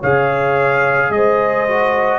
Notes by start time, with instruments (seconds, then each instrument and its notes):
0.00 tuba C#3, trombone G#4, horn C#5, trumpet F5
1.10 tuba G#3, trumpet D#5
1.16 horn C5
1.67 trombone F#4